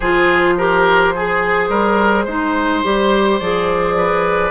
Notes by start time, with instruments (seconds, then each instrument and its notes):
0.00 bassoon F3, clarinet F4, oboe G#4, flute C5
0.57 clarinet G4, oboe A#4
1.15 oboe G#4, clarinet G#4
1.69 bassoon G3, oboe A#4
2.25 bassoon G#3, clarinet D#4, oboe C5
2.83 bassoon G3, clarinet G4
3.39 bassoon F3, clarinet G#4, flute D5
3.97 oboe B4